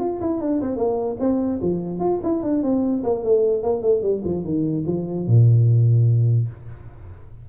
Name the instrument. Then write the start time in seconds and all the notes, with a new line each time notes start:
tuba
0.00 F4
0.21 E4
0.41 D4
0.62 C4
0.76 A#3
1.20 C4
1.62 F3
2.00 F4
2.23 E4
2.43 D4
2.63 C4
3.04 A#3
3.24 A3
3.63 A#3
3.82 A3
4.02 G3
4.24 F3
4.44 D#3
4.87 F3
5.27 A#2